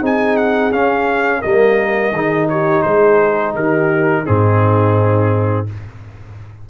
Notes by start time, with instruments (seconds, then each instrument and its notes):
0.00 tuba C4, trombone D#4, horn G#4, trumpet G#5
0.37 trumpet F#5
0.72 trombone C#4, tuba C#4, trumpet F5
1.39 tuba G3, trombone A#3, horn A#4, trumpet D#5
2.12 tuba D#3, trombone D#4, horn G#4
2.49 horn G4, trumpet C#5
2.82 tuba G#3, horn G#4, trumpet C5
3.55 tuba D#3, horn G4, trumpet A#4
4.22 trombone C4, horn D#4, trumpet G#4
4.28 tuba G#2